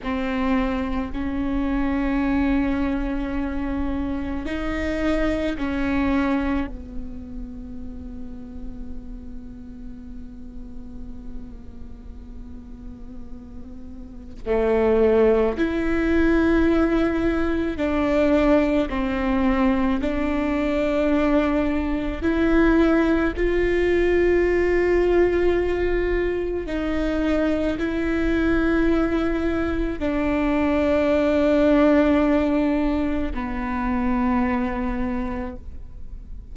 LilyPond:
\new Staff \with { instrumentName = "viola" } { \time 4/4 \tempo 4 = 54 c'4 cis'2. | dis'4 cis'4 b2~ | b1~ | b4 a4 e'2 |
d'4 c'4 d'2 | e'4 f'2. | dis'4 e'2 d'4~ | d'2 b2 | }